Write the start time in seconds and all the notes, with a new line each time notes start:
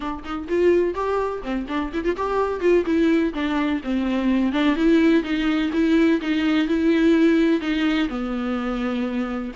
0.00 D4
0.23 D#4
0.48 F4
0.94 G4
1.42 C4
1.68 D4
1.93 E4
2.04 F4
2.16 G4
2.60 F4
2.85 E4
3.33 D4
3.83 C4
4.52 D4
4.76 E4
5.23 D#4
5.73 E4
6.21 D#4
6.67 E4
7.60 D#4
8.08 B3